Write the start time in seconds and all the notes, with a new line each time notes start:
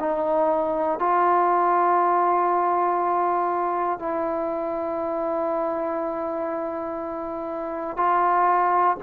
0.00 D#4
1.00 F4
4.00 E4
7.97 F4